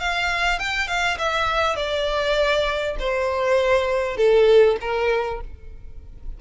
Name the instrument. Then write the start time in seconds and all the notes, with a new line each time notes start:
violin
0.00 F5
0.59 G5
0.88 F5
1.18 E5
1.76 D5
2.99 C5
4.17 A4
4.81 A#4